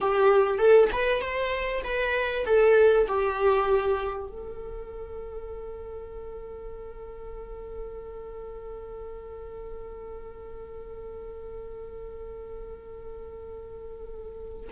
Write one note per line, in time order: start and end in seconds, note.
0.00 0.58 G4
0.58 0.89 A4
0.92 1.21 B4
1.21 1.82 C5
1.84 2.45 B4
2.45 3.07 A4
3.08 4.27 G4
4.27 14.68 A4